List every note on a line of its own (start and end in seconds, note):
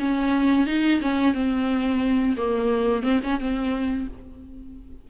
0.00 0.67 C#4
0.67 1.01 D#4
1.02 1.34 C#4
1.34 2.36 C4
2.37 3.03 A#3
3.03 3.20 C4
3.24 3.40 C#4
3.40 4.08 C4